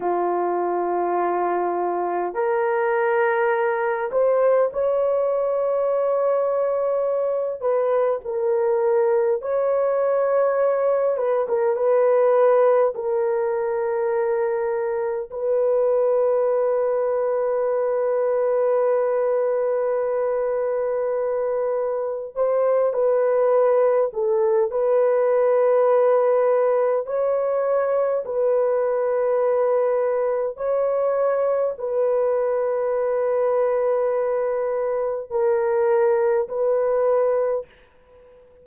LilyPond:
\new Staff \with { instrumentName = "horn" } { \time 4/4 \tempo 4 = 51 f'2 ais'4. c''8 | cis''2~ cis''8 b'8 ais'4 | cis''4. b'16 ais'16 b'4 ais'4~ | ais'4 b'2.~ |
b'2. c''8 b'8~ | b'8 a'8 b'2 cis''4 | b'2 cis''4 b'4~ | b'2 ais'4 b'4 | }